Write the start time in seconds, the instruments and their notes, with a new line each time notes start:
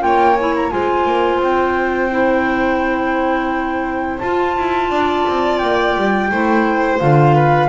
0.00 double bass A#3, clarinet F4, violin C#5, flute G5
0.37 clarinet E4, flute G#5
0.57 flute A#5
0.71 double bass G#3, clarinet F4, violin C5, flute G#5
1.06 double bass A#3
1.40 double bass C4, flute G5
2.11 clarinet E4
4.19 double bass F4, clarinet F4, flute A5
4.57 double bass E4
4.91 double bass D4, violin D5
5.28 double bass C4
5.58 double bass A#3, flute G5
5.97 double bass G3
6.31 double bass A3, clarinet E4, violin C5
7.00 double bass D3, clarinet F4, flute F5
7.35 violin B4